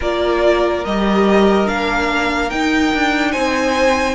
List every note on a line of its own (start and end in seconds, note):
0.00 0.84 A#3
0.00 0.85 F4
0.00 3.31 A#4
0.00 0.84 D5
0.84 1.68 G3
0.84 1.66 G4
0.84 1.67 D#5
1.66 2.51 A#3
1.66 2.49 D4
1.66 2.49 F5
2.49 4.15 D#4
2.49 2.93 D#4
2.49 3.31 G5
2.93 3.35 D4
3.31 4.15 C4
3.31 4.15 C5
3.31 4.15 G#5